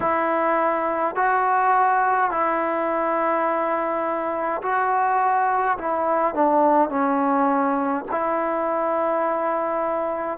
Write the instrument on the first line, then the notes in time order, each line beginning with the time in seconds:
trombone
0.00 E4
1.15 F#4
2.30 E4
4.62 F#4
5.77 E4
6.34 D4
6.89 C#4
8.11 E4